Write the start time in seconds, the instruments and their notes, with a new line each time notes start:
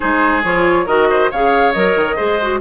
0.00 bassoon G#3, clarinet D#4, oboe G#4, flute C5
0.43 bassoon F3, clarinet F4, flute C#5
0.85 bassoon D#3, clarinet F#4, oboe A#4, flute D#5
1.09 oboe C5
1.30 bassoon C#3, clarinet G#4, oboe C#5, flute F5
1.72 bassoon F#3, clarinet A#4, flute D#5
1.95 bassoon D#3
2.16 bassoon G#3, clarinet G#4, oboe C5
2.41 clarinet F#4